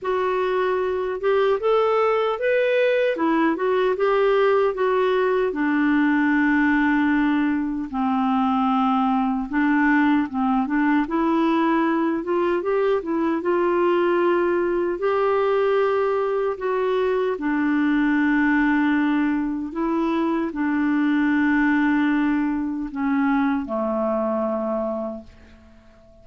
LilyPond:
\new Staff \with { instrumentName = "clarinet" } { \time 4/4 \tempo 4 = 76 fis'4. g'8 a'4 b'4 | e'8 fis'8 g'4 fis'4 d'4~ | d'2 c'2 | d'4 c'8 d'8 e'4. f'8 |
g'8 e'8 f'2 g'4~ | g'4 fis'4 d'2~ | d'4 e'4 d'2~ | d'4 cis'4 a2 | }